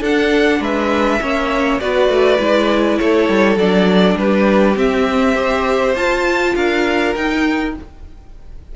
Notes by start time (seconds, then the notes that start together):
0.00 D4 A4 F#5
0.06 D4
0.60 G#3 B4 E5
1.21 A#3 C#4 C#5
1.80 B3 F#4 B4 D5
2.09 A3
2.39 G#3 E4
2.99 A3 A4 C#5
3.29 G3
3.56 F#3 D4 D5
4.16 G3 G4 B4
4.75 C4 E5
5.35 G4 C5
5.95 F4 A5
6.55 D4 A#4 F5
7.15 D#4 G5